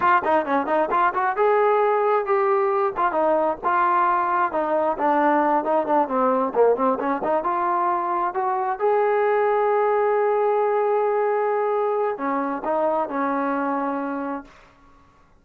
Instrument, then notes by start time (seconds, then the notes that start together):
trombone
0.00 F4
0.24 D#4
0.45 C#4
0.66 D#4
0.90 F4
1.14 F#4
1.36 G#4
2.25 G4
2.96 F4
3.12 D#4
3.64 F4
4.52 D#4
4.97 D4
5.64 D#4
5.86 D4
6.08 C4
6.54 A#3
6.75 C4
6.99 C#4
7.23 D#4
7.43 F4
8.34 F#4
8.79 G#4
12.17 C#4
12.64 D#4
13.09 C#4